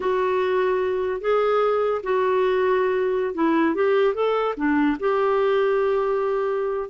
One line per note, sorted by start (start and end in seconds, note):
0.00 1.20 F#4
1.20 2.01 G#4
2.03 3.34 F#4
3.34 3.74 E4
3.74 4.14 G4
4.14 4.55 A4
4.56 4.97 D4
4.99 6.89 G4